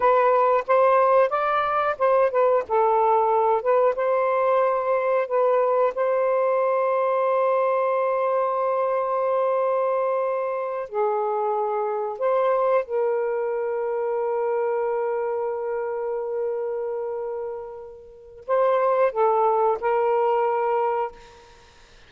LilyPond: \new Staff \with { instrumentName = "saxophone" } { \time 4/4 \tempo 4 = 91 b'4 c''4 d''4 c''8 b'8 | a'4. b'8 c''2 | b'4 c''2.~ | c''1~ |
c''8 gis'2 c''4 ais'8~ | ais'1~ | ais'1 | c''4 a'4 ais'2 | }